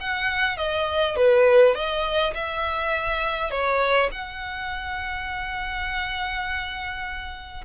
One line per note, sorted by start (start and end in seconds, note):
0.00 0.57 F#5
0.57 1.16 D#5
1.16 1.75 B4
1.75 2.34 D#5
2.35 3.51 E5
3.51 4.10 C#5
4.12 7.65 F#5